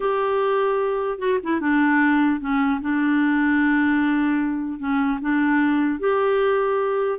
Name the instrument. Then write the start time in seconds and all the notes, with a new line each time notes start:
clarinet
0.00 G4
1.18 F#4
1.43 E4
1.60 D4
2.40 C#4
2.81 D4
4.79 C#4
5.21 D4
5.99 G4